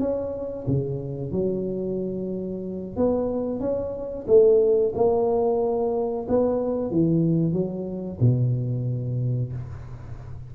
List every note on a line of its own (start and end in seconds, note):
0.00 0.66 C#4
0.68 1.32 C#3
1.32 2.97 F#3
2.97 3.61 B3
3.61 4.26 C#4
4.28 4.94 A3
4.95 6.27 A#3
6.29 6.91 B3
6.91 7.53 E3
7.53 8.19 F#3
8.21 9.53 B2